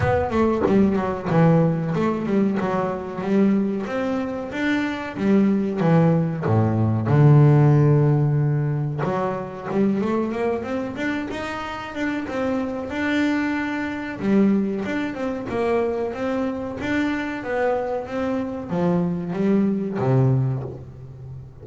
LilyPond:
\new Staff \with { instrumentName = "double bass" } { \time 4/4 \tempo 4 = 93 b8 a8 g8 fis8 e4 a8 g8 | fis4 g4 c'4 d'4 | g4 e4 a,4 d4~ | d2 fis4 g8 a8 |
ais8 c'8 d'8 dis'4 d'8 c'4 | d'2 g4 d'8 c'8 | ais4 c'4 d'4 b4 | c'4 f4 g4 c4 | }